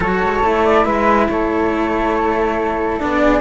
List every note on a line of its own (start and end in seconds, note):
0.00 0.21 F#3
0.00 0.43 F#4
0.00 0.84 A4
0.00 0.65 C#5
0.22 0.43 G#3
0.43 0.85 A3
0.43 2.99 E4
0.65 0.85 D5
0.84 1.27 G#3
0.84 1.27 B4
0.84 1.28 E5
1.28 3.01 A3
1.28 3.21 A4
1.28 2.98 C#5
2.98 3.40 B3
2.98 3.40 D4
2.98 3.40 D5
3.21 3.40 G#4